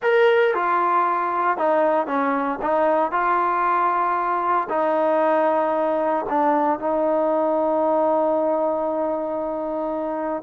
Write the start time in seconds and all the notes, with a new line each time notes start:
0.02 A#4
0.54 F4
1.57 D#4
2.07 C#4
2.62 D#4
3.11 F4
4.69 D#4
6.29 D4
6.79 D#4